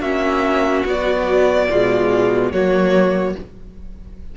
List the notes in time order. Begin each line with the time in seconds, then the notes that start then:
0.00 A#3 C#4 F#4 E5
0.86 F#3 B3 D5
1.70 B2 G#3 F4
2.52 F#3 A#3 F#4 C#5